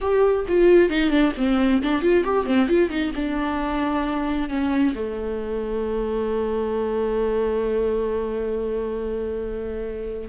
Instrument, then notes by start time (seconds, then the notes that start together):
viola
0.00 G4
0.48 F4
0.89 D#4
1.09 D4
1.37 C4
1.82 D4
2.01 F4
2.24 G4
2.45 C4
2.68 F4
2.89 D#4
3.15 D4
4.49 C#4
4.95 A3